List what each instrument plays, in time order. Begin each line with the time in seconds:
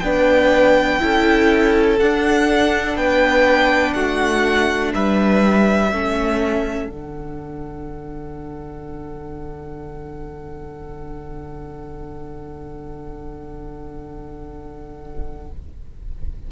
0.00 cello B3, viola D4, violin B4 G5
1.00 cello C#4, viola E4, violin A4
2.00 cello D4, viola D4, violin F#5
2.96 cello B3, violin B4 G5
3.94 cello A3, violin F#4 F#5
4.94 cello G3, violin B4 E5
5.92 cello A3, viola C#4, violin A4
6.87 cello D3, viola D4, violin F#5